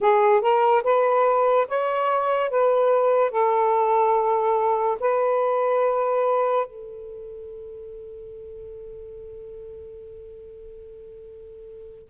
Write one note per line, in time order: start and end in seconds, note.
0.00 0.41 G#4
0.41 0.83 A#4
0.83 1.67 B4
1.67 2.50 C#5
2.50 3.30 B4
3.30 4.97 A4
5.00 6.66 B4
6.66 12.08 A4